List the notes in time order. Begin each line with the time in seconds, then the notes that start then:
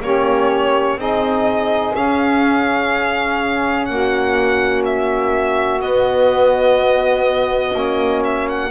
0.00 A#3 C#4 G4 C#5
0.96 C4 D#4 G#4 D#5
1.94 C#4 F5
3.85 A#3 F#4 F#5
4.85 E5
5.80 B3 D#5
7.74 A#3 C#4
8.24 E5
8.48 F#5